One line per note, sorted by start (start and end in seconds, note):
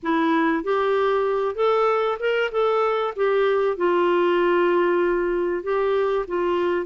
0.02 0.63 E4
0.63 1.55 G4
1.55 2.17 A4
2.19 2.50 A#4
2.51 3.14 A4
3.16 3.76 G4
3.76 5.62 F4
5.62 6.25 G4
6.27 6.86 F4